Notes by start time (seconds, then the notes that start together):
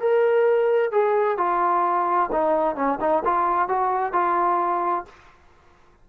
0.00 A#4
0.92 G#4
1.38 F4
2.32 D#4
2.76 C#4
3.00 D#4
3.25 F4
3.69 F#4
4.13 F4